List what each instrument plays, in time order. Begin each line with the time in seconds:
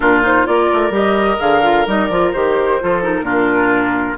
0.00 bassoon A#2, clarinet D4, oboe F4, flute A#4
0.22 clarinet D#4, flute C5
0.45 bassoon A#3, clarinet F4, flute D5
0.51 oboe A#4
0.73 bassoon A3
0.90 bassoon G3, clarinet G4, flute D#5
1.38 bassoon D3, clarinet G#4, flute F5
1.62 clarinet F4
1.86 bassoon G3, clarinet D#4, flute D#5
2.07 bassoon F3, clarinet F4, flute D5
2.32 bassoon D#3, clarinet G4, flute C5
2.80 bassoon F3, clarinet F4, oboe A4
3.02 clarinet D#4, flute A#4
3.21 bassoon A#2, clarinet D4, oboe F4